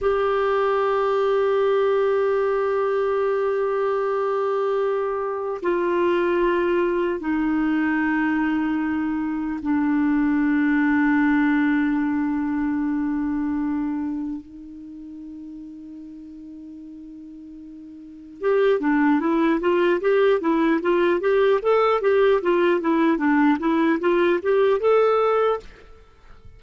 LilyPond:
\new Staff \with { instrumentName = "clarinet" } { \time 4/4 \tempo 4 = 75 g'1~ | g'2. f'4~ | f'4 dis'2. | d'1~ |
d'2 dis'2~ | dis'2. g'8 d'8 | e'8 f'8 g'8 e'8 f'8 g'8 a'8 g'8 | f'8 e'8 d'8 e'8 f'8 g'8 a'4 | }